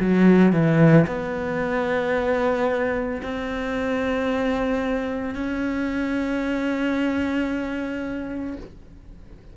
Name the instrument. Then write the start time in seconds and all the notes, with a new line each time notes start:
cello
0.00 F#3
0.53 E3
1.07 B3
3.22 C4
5.35 C#4